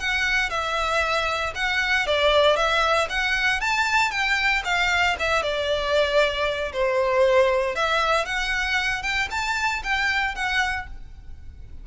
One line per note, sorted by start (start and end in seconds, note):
0.00 0.50 F#5
0.50 1.54 E5
1.55 2.07 F#5
2.07 2.57 D5
2.57 3.08 E5
3.10 3.61 F#5
3.61 4.11 A5
4.11 4.63 G5
4.65 5.17 F5
5.20 5.43 E5
5.43 6.72 D5
6.73 7.76 C5
7.76 8.26 E5
8.26 9.03 F#5
9.03 9.29 G5
9.31 9.83 A5
9.83 10.35 G5
10.35 10.87 F#5